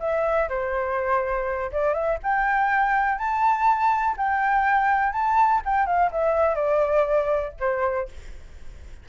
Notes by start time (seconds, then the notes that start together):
0.00 E5
0.49 C5
1.72 D5
1.94 E5
2.23 G5
3.18 A5
4.17 G5
5.13 A5
5.65 G5
5.86 F5
6.12 E5
6.55 D5
7.60 C5